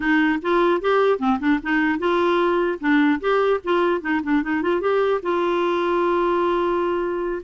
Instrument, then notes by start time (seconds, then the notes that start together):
clarinet
0.00 D#4
0.42 F4
0.81 G4
1.19 C4
1.39 D4
1.62 D#4
1.98 F4
2.80 D4
3.20 G4
3.64 F4
4.01 D#4
4.23 D4
4.43 D#4
4.62 F4
4.81 G4
5.22 F4